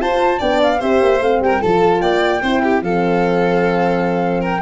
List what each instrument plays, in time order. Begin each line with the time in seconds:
0.00 tuba F4, horn F4, violin C5, flute A5
0.39 tuba B3, horn D4, violin D5, flute G5
0.63 flute F5
0.79 tuba C4, horn G4, violin C5, flute E5
1.01 tuba A#3
1.21 tuba A3, horn C4, flute F5
1.40 tuba G3, violin A#4, flute G5
1.61 tuba F3, horn F4, violin A4, flute A5
2.01 tuba A#3, violin D5, flute G5
2.42 tuba C4, horn E4, violin C5
2.63 violin G4
2.82 tuba F3, horn C4, violin A4, flute F5
4.41 violin A#4, flute G5